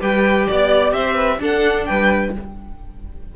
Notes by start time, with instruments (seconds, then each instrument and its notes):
0.00 cello G3, viola G4, violin B4 G5
0.47 cello B3, violin D5
0.92 cello C4, violin C5 E5
1.15 violin B4
1.38 viola D4, cello D4, violin A4 F#5
1.85 cello G3, violin B4 G5